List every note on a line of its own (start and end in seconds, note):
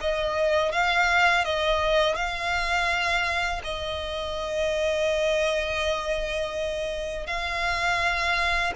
0.00 0.71 D#5
0.71 1.44 F5
1.44 2.15 D#5
2.15 3.61 F5
3.64 7.26 D#5
7.26 8.73 F5